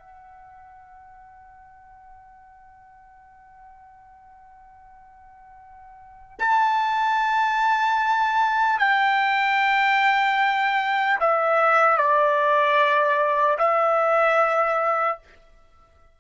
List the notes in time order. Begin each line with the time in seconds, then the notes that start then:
0.00 F#5
6.40 A5
8.79 G5
11.21 E5
11.98 D5
13.59 E5